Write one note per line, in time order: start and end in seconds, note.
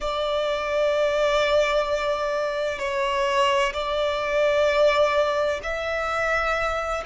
0.00 2.79 D5
2.79 3.72 C#5
3.73 5.60 D5
5.63 7.04 E5